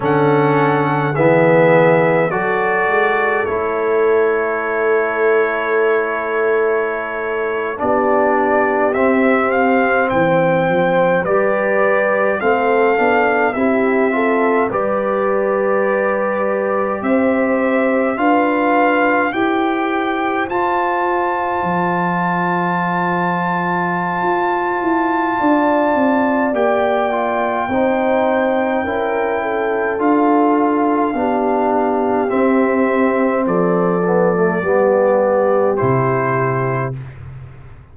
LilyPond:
<<
  \new Staff \with { instrumentName = "trumpet" } { \time 4/4 \tempo 4 = 52 fis''4 e''4 d''4 cis''4~ | cis''2~ cis''8. d''4 e''16~ | e''16 f''8 g''4 d''4 f''4 e''16~ | e''8. d''2 e''4 f''16~ |
f''8. g''4 a''2~ a''16~ | a''2. g''4~ | g''2 f''2 | e''4 d''2 c''4 | }
  \new Staff \with { instrumentName = "horn" } { \time 4/4 a'4 gis'4 a'2~ | a'2~ a'8. g'4~ g'16~ | g'8. c''4 b'4 a'4 g'16~ | g'16 a'8 b'2 c''4 b'16~ |
b'8. c''2.~ c''16~ | c''2 d''2 | c''4 ais'8 a'4. g'4~ | g'4 a'4 g'2 | }
  \new Staff \with { instrumentName = "trombone" } { \time 4/4 cis'4 b4 fis'4 e'4~ | e'2~ e'8. d'4 c'16~ | c'4.~ c'16 g'4 c'8 d'8 e'16~ | e'16 f'8 g'2. f'16~ |
f'8. g'4 f'2~ f'16~ | f'2. g'8 f'8 | dis'4 e'4 f'4 d'4 | c'4. b16 a16 b4 e'4 | }
  \new Staff \with { instrumentName = "tuba" } { \time 4/4 d4 e4 fis8 gis8 a4~ | a2~ a8. b4 c'16~ | c'8. e8 f8 g4 a8 b8 c'16~ | c'8. g2 c'4 d'16~ |
d'8. e'4 f'4 f4~ f16~ | f4 f'8 e'8 d'8 c'8 ais4 | c'4 cis'4 d'4 b4 | c'4 f4 g4 c4 | }
>>